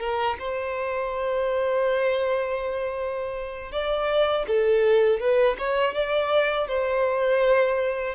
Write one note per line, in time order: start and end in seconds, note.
0.00 0.37 A#4
0.39 3.72 C5
3.72 4.46 D5
4.47 5.20 A4
5.20 5.57 B4
5.58 5.94 C#5
5.94 6.68 D5
6.68 8.15 C5